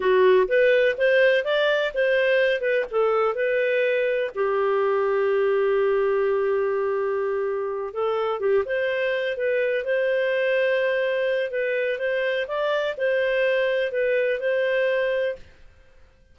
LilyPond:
\new Staff \with { instrumentName = "clarinet" } { \time 4/4 \tempo 4 = 125 fis'4 b'4 c''4 d''4 | c''4. b'8 a'4 b'4~ | b'4 g'2.~ | g'1~ |
g'8 a'4 g'8 c''4. b'8~ | b'8 c''2.~ c''8 | b'4 c''4 d''4 c''4~ | c''4 b'4 c''2 | }